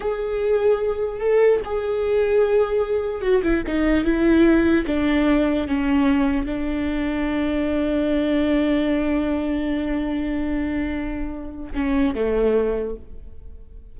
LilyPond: \new Staff \with { instrumentName = "viola" } { \time 4/4 \tempo 4 = 148 gis'2. a'4 | gis'1 | fis'8 e'8 dis'4 e'2 | d'2 cis'2 |
d'1~ | d'1~ | d'1~ | d'4 cis'4 a2 | }